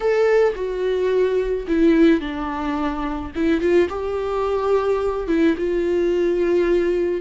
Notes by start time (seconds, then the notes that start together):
0.00 A4
0.55 F#4
1.67 E4
2.20 D4
3.35 E4
3.60 F4
3.89 G4
5.27 E4
5.57 F4